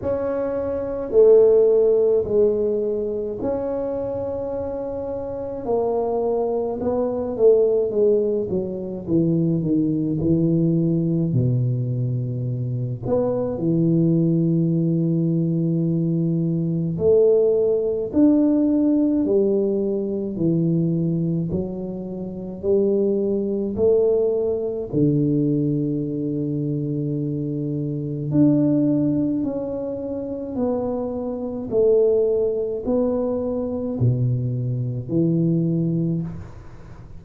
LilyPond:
\new Staff \with { instrumentName = "tuba" } { \time 4/4 \tempo 4 = 53 cis'4 a4 gis4 cis'4~ | cis'4 ais4 b8 a8 gis8 fis8 | e8 dis8 e4 b,4. b8 | e2. a4 |
d'4 g4 e4 fis4 | g4 a4 d2~ | d4 d'4 cis'4 b4 | a4 b4 b,4 e4 | }